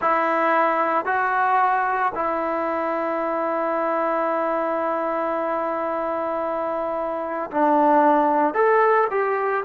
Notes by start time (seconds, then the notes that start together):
0.00 E4
1.05 F#4
2.14 E4
7.50 D4
8.54 A4
9.10 G4